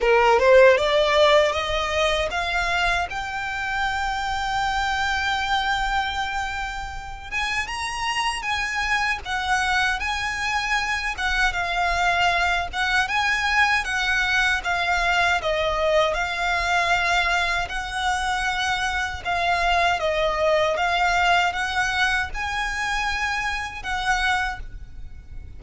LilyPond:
\new Staff \with { instrumentName = "violin" } { \time 4/4 \tempo 4 = 78 ais'8 c''8 d''4 dis''4 f''4 | g''1~ | g''4. gis''8 ais''4 gis''4 | fis''4 gis''4. fis''8 f''4~ |
f''8 fis''8 gis''4 fis''4 f''4 | dis''4 f''2 fis''4~ | fis''4 f''4 dis''4 f''4 | fis''4 gis''2 fis''4 | }